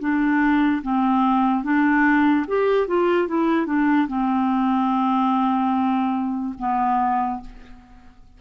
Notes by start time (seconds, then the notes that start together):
0.00 D4
0.83 C4
1.64 D4
2.47 G4
2.88 F4
3.28 E4
3.67 D4
4.08 C4
6.59 B3